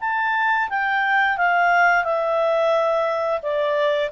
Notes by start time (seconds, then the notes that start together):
0.00 A5
0.69 G5
1.37 F5
2.04 E5
3.42 D5